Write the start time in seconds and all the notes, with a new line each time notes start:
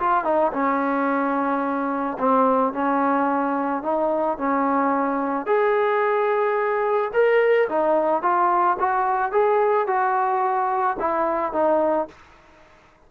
0.00 F4
0.25 D#4
0.53 C#4
2.19 C4
2.73 C#4
3.83 D#4
4.38 C#4
5.46 G#4
7.14 A#4
7.69 D#4
8.22 F4
8.80 F#4
9.32 G#4
9.87 F#4
11.00 E4
11.53 D#4